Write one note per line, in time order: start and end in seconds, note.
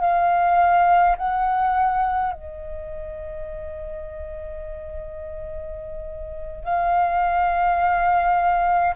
0.00 1.15 F5
1.17 2.32 F#5
2.32 6.63 D#5
6.63 8.94 F5